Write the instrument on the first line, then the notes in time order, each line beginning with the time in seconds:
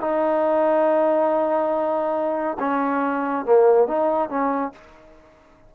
trombone
0.00 D#4
2.59 C#4
3.45 A#3
3.87 D#4
4.29 C#4